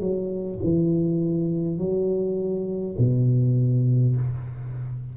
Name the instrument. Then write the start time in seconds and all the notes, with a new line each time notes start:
tuba
0.00 F#3
0.63 E3
1.78 F#3
2.98 B2